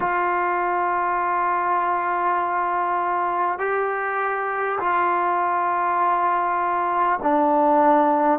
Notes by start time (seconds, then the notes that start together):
0.00 F4
3.58 G4
4.79 F4
7.22 D4